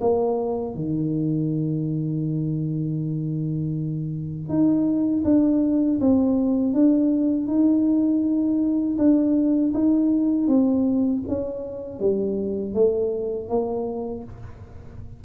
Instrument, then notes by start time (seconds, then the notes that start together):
tuba
0.00 A#3
0.74 D#3
4.48 D#4
5.24 D4
6.00 C4
6.73 D4
7.47 D#4
8.98 D4
9.73 D#4
10.47 C4
11.27 C#4
11.99 G3
12.74 A3
13.48 A#3